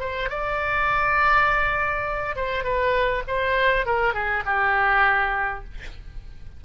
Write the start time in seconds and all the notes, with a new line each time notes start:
0.00 C5
0.29 D5
2.36 C5
2.64 B4
3.28 C5
3.86 A#4
4.14 G#4
4.46 G4